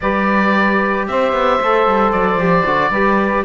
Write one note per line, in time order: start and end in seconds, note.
0.00 1.08 G3
0.00 1.61 G4
0.00 1.07 B4
0.00 1.07 D5
1.07 1.32 C4
1.07 2.90 C5
1.07 2.12 E5
1.32 1.59 B3
1.61 1.86 A3
1.61 2.39 A4
1.86 2.12 G3
2.12 2.35 F#3
2.12 3.44 D5
2.35 2.62 F3
2.35 2.65 G4
2.65 2.90 D3
2.65 2.92 F#4
2.90 3.43 G3
2.90 3.44 G4
2.90 3.44 B4